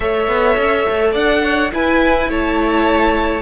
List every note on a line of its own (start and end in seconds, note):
0.00 0.27 A3
0.00 1.70 A4
0.00 1.12 C#5
0.00 1.14 E5
0.27 0.56 B3
0.56 0.85 C#4
0.89 1.14 A3
1.12 1.71 D4
1.12 1.40 D5
1.12 1.71 F#5
1.43 1.72 C#5
1.72 3.42 E4
1.72 2.29 E4
1.72 2.30 B4
1.72 2.30 G#5
2.29 3.42 A3
2.29 3.42 C#5
2.29 3.42 A5